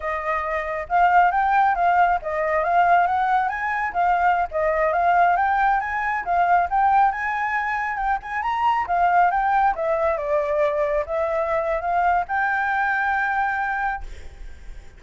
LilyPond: \new Staff \with { instrumentName = "flute" } { \time 4/4 \tempo 4 = 137 dis''2 f''4 g''4 | f''4 dis''4 f''4 fis''4 | gis''4 f''4~ f''16 dis''4 f''8.~ | f''16 g''4 gis''4 f''4 g''8.~ |
g''16 gis''2 g''8 gis''8 ais''8.~ | ais''16 f''4 g''4 e''4 d''8.~ | d''4~ d''16 e''4.~ e''16 f''4 | g''1 | }